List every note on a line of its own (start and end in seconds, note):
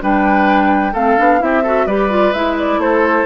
0.00 0.94 G3
0.00 0.93 D4
0.00 0.93 B4
0.00 0.96 G5
0.93 1.17 A3
0.93 1.18 C4
0.93 1.40 A4
0.93 1.42 F5
1.18 1.42 B3
1.18 1.39 D4
1.39 1.87 C4
1.39 1.63 E4
1.39 1.63 G4
1.39 1.87 E5
1.63 1.88 F#4
1.63 1.86 A4
1.87 2.33 G3
1.87 2.10 G4
1.87 2.80 B4
1.87 2.34 D5
2.10 2.33 F4
2.34 2.78 G#3
2.34 3.27 E4
2.34 2.57 E5
2.59 2.81 D5
2.78 3.25 A3
2.78 3.27 A4
2.78 3.27 C5